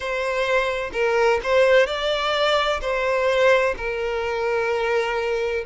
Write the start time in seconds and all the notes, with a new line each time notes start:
0.00 C5
0.92 A#4
1.43 C5
1.86 D5
2.81 C5
3.77 A#4